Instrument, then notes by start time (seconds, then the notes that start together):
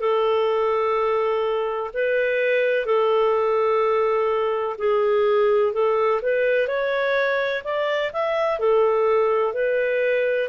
clarinet
0.00 A4
1.94 B4
2.86 A4
4.78 G#4
5.73 A4
6.22 B4
6.68 C#5
7.64 D5
8.13 E5
8.59 A4
9.54 B4